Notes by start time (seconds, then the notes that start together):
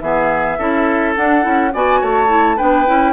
0.00 E3 B3 G#4 E5
0.59 C#4 E4 A4
1.16 D4 F#5
1.42 C#4 E4
1.74 B3 F#4 D5 G#5
2.01 A3 C#5 A5
2.28 E4
2.57 B3 D4 B4 G5
2.86 C#4 E4